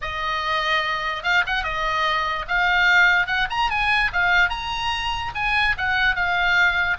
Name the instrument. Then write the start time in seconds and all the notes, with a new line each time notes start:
oboe
0.01 D#5
1.23 F5
1.46 F#5
1.63 D#5
2.48 F5
3.27 F#5
3.50 A#5
3.70 G#5
4.12 F5
4.49 A#5
5.34 G#5
5.77 F#5
6.15 F5